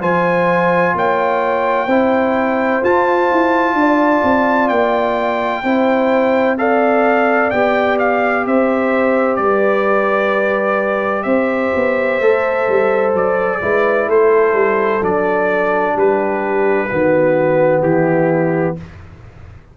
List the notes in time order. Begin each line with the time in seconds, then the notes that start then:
0.00 F3 F4 C5 G#5
0.94 A#3 C#5 G5
1.86 C4 E4 C5
2.82 F4 A5
3.31 E4
3.73 D4 D5
4.23 C4
4.68 A#3 G5
5.63 C4 E4 C5
6.58 A4 D5 F5
7.50 B3 G4 G5
7.99 F5
8.46 C4 C5 E5
9.36 G3 B4 D5
11.23 C4 C5 E5
11.75 B3
12.20 A3 A4
12.68 G3
13.13 F#3 D5
13.61 G#3 E4 B4
14.07 A3 A4 C5
14.53 G3
15.01 F#3 D4 D5
15.94 G3 G4 B4
16.90 D#3 B3 F#4
17.81 E3 E4 G4